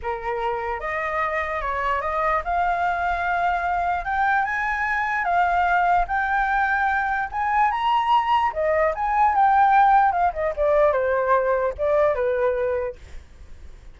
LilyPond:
\new Staff \with { instrumentName = "flute" } { \time 4/4 \tempo 4 = 148 ais'2 dis''2 | cis''4 dis''4 f''2~ | f''2 g''4 gis''4~ | gis''4 f''2 g''4~ |
g''2 gis''4 ais''4~ | ais''4 dis''4 gis''4 g''4~ | g''4 f''8 dis''8 d''4 c''4~ | c''4 d''4 b'2 | }